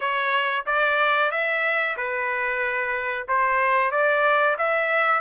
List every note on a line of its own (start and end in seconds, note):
0.00 0.65 C#5
0.66 1.31 D5
1.31 1.96 E5
1.96 3.27 B4
3.28 3.91 C5
3.91 4.56 D5
4.57 5.21 E5